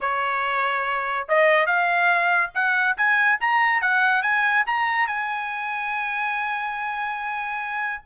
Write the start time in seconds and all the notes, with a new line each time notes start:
0.00 C#5
1.28 D#5
1.66 F5
2.54 F#5
2.97 G#5
3.40 A#5
3.81 F#5
4.22 G#5
4.66 A#5
5.07 G#5